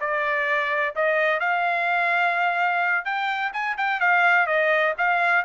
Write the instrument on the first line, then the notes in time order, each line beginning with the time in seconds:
trumpet
0.00 D5
0.95 D#5
1.40 F5
3.05 G5
3.53 G#5
3.77 G5
4.00 F5
4.46 D#5
4.98 F5